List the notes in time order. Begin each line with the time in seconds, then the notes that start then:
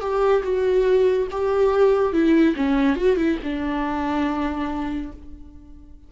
0.00 G4
0.43 F#4
1.31 G4
2.12 E4
2.56 C#4
2.95 F#4
3.16 E4
3.43 D4